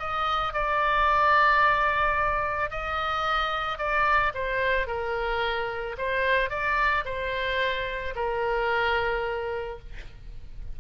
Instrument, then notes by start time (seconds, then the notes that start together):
oboe
0.00 D#5
0.54 D5
2.71 D#5
3.79 D5
4.35 C5
4.87 A#4
5.98 C5
6.50 D5
7.06 C5
8.16 A#4